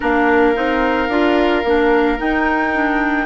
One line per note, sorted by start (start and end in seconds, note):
0.00 0.56 A#3
0.00 0.54 D4
0.00 3.26 A#4
0.00 2.19 F5
0.54 1.08 C4
0.54 1.08 D#4
1.08 1.63 D4
1.08 1.64 F4
1.64 2.18 A#3
1.64 2.17 D4
2.17 2.72 D#4
2.17 3.26 D#4
2.17 3.26 G5
2.72 3.26 D4